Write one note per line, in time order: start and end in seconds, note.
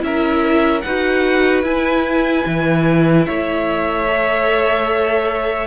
0.00 0.84 C#4
0.00 0.81 E4
0.00 0.85 A#4
0.00 0.81 E5
0.81 1.64 D#4
0.81 1.65 F#4
0.81 3.26 B4
0.81 1.62 F#5
1.64 2.45 E4
1.64 4.08 E4
1.64 3.26 G#5
2.46 3.27 E3
3.26 5.68 A3
3.26 5.68 C#5
3.26 5.68 E5
4.09 5.68 A4